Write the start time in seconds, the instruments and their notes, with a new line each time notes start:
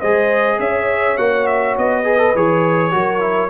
0.00 tuba G#3, trombone G#4, horn C5, trumpet D#5
0.59 tuba C#4, horn C#5, trumpet E5
1.18 tuba A#3, trombone F#4, trumpet F#5
1.47 trumpet E5
1.78 tuba B3, trumpet D#5
2.04 trombone G#4, horn B4
2.18 trombone A4
2.35 tuba E3, trombone G#4, trumpet C#5
2.91 tuba F#3, trombone F#4, horn A#4
3.20 trombone E4